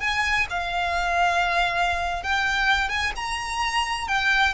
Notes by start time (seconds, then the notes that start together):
0.00 G#5
0.50 F5
2.23 G5
2.89 G#5
3.15 A#5
4.07 G5